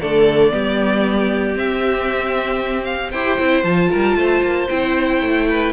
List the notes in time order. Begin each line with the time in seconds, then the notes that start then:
0.00 D3 A3 A4 D5
0.51 G3 B3 G4
1.54 C4 E5
2.85 F5
3.11 E4 G4 C5 G5
3.39 C4 E4
3.63 F3 F4 A5
3.91 G3 A#4
4.16 A3 C5
4.42 A#3
4.69 C4 E4 G5
5.22 A3
5.50 B4